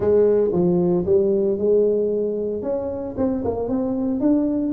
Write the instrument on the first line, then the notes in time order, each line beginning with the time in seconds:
tuba
0.00 G#3
0.52 F3
1.05 G3
1.58 G#3
2.62 C#4
3.17 C4
3.44 A#3
3.68 C4
4.20 D4